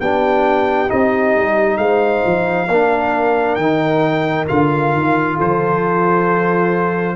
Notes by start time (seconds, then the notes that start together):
0.00 B3 D4 G4 G5
0.88 C4 D#4 D#5
1.36 G3
1.78 G#3 C5 F5
2.26 F3
2.69 A#3 D4 A#4
3.56 D#3 D#4 G5
4.48 D3 F4 F5
4.94 D#3
5.37 F3 A4 C5